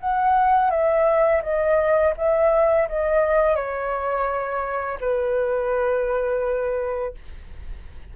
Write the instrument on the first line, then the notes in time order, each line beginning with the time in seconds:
flute
0.00 F#5
0.70 E5
1.43 D#5
2.17 E5
2.89 D#5
3.56 C#5
5.00 B4